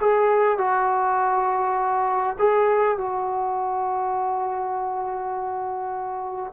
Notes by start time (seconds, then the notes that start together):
0.00 G#4
0.58 F#4
2.38 G#4
2.97 F#4